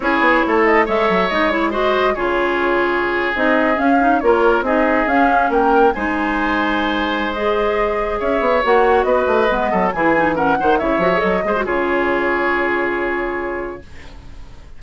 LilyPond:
<<
  \new Staff \with { instrumentName = "flute" } { \time 4/4 \tempo 4 = 139 cis''4. dis''8 e''4 dis''8 cis''8 | dis''4 cis''2~ cis''8. dis''16~ | dis''8. f''4 cis''4 dis''4 f''16~ | f''8. g''4 gis''2~ gis''16~ |
gis''4 dis''2 e''4 | fis''4 dis''2 gis''4 | fis''4 e''4 dis''4 cis''4~ | cis''1 | }
  \new Staff \with { instrumentName = "oboe" } { \time 4/4 gis'4 a'4 cis''2 | c''4 gis'2.~ | gis'4.~ gis'16 ais'4 gis'4~ gis'16~ | gis'8. ais'4 c''2~ c''16~ |
c''2. cis''4~ | cis''4 b'4. a'8 gis'4 | ais'8 c''8 cis''4. c''8 gis'4~ | gis'1 | }
  \new Staff \with { instrumentName = "clarinet" } { \time 4/4 e'2 a'4 dis'8 e'8 | fis'4 f'2~ f'8. dis'16~ | dis'8. cis'8 dis'8 f'4 dis'4 cis'16~ | cis'4.~ cis'16 dis'2~ dis'16~ |
dis'4 gis'2. | fis'2 b4 e'8 dis'8 | cis'8 dis'8 e'8 fis'16 gis'16 a'8 gis'16 fis'16 f'4~ | f'1 | }
  \new Staff \with { instrumentName = "bassoon" } { \time 4/4 cis'8 b8 a4 gis8 fis8 gis4~ | gis4 cis2~ cis8. c'16~ | c'8. cis'4 ais4 c'4 cis'16~ | cis'8. ais4 gis2~ gis16~ |
gis2. cis'8 b8 | ais4 b8 a8 gis8 fis8 e4~ | e8 dis8 cis8 f8 fis8 gis8 cis4~ | cis1 | }
>>